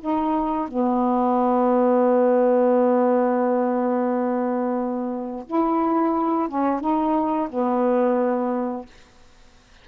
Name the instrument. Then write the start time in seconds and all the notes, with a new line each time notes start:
saxophone
0.00 D#4
0.68 B3
5.46 E4
6.48 C#4
6.80 D#4
7.49 B3